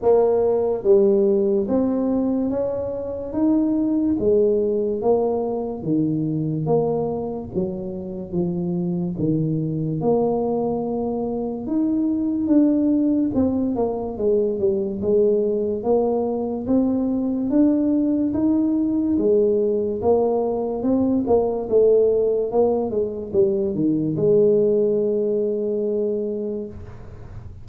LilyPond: \new Staff \with { instrumentName = "tuba" } { \time 4/4 \tempo 4 = 72 ais4 g4 c'4 cis'4 | dis'4 gis4 ais4 dis4 | ais4 fis4 f4 dis4 | ais2 dis'4 d'4 |
c'8 ais8 gis8 g8 gis4 ais4 | c'4 d'4 dis'4 gis4 | ais4 c'8 ais8 a4 ais8 gis8 | g8 dis8 gis2. | }